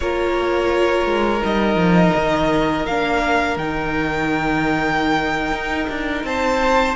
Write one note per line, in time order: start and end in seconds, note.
0.00 1.06 A#3
0.00 1.39 F4
0.00 6.26 A#4
0.00 1.43 C#5
1.06 1.41 G#3
1.39 1.75 G3
1.39 2.82 D#4
1.39 2.85 D#5
1.75 2.11 F3
2.16 2.85 D#3
2.85 3.56 A#3
2.85 3.59 D4
2.85 3.57 F5
3.56 5.51 D#3
3.56 6.95 D#4
3.56 6.24 G5
5.51 5.87 D#4
5.89 6.23 D4
6.23 6.94 C4
6.23 6.95 C5
6.23 6.95 A5